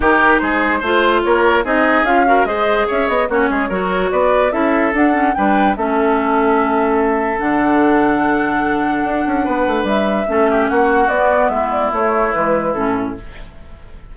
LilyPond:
<<
  \new Staff \with { instrumentName = "flute" } { \time 4/4 \tempo 4 = 146 ais'4 c''2 cis''4 | dis''4 f''4 dis''4 e''8 dis''8 | cis''2 d''4 e''4 | fis''4 g''4 e''2~ |
e''2 fis''2~ | fis''1 | e''2 fis''4 d''4 | e''8 d''8 cis''4 b'4 a'4 | }
  \new Staff \with { instrumentName = "oboe" } { \time 4/4 g'4 gis'4 c''4 ais'4 | gis'4. ais'8 c''4 cis''4 | fis'8 gis'8 ais'4 b'4 a'4~ | a'4 b'4 a'2~ |
a'1~ | a'2. b'4~ | b'4 a'8 g'8 fis'2 | e'1 | }
  \new Staff \with { instrumentName = "clarinet" } { \time 4/4 dis'2 f'2 | dis'4 f'8 fis'8 gis'2 | cis'4 fis'2 e'4 | d'8 cis'8 d'4 cis'2~ |
cis'2 d'2~ | d'1~ | d'4 cis'2 b4~ | b4 a4 gis4 cis'4 | }
  \new Staff \with { instrumentName = "bassoon" } { \time 4/4 dis4 gis4 a4 ais4 | c'4 cis'4 gis4 cis'8 b8 | ais8 gis8 fis4 b4 cis'4 | d'4 g4 a2~ |
a2 d2~ | d2 d'8 cis'8 b8 a8 | g4 a4 ais4 b4 | gis4 a4 e4 a,4 | }
>>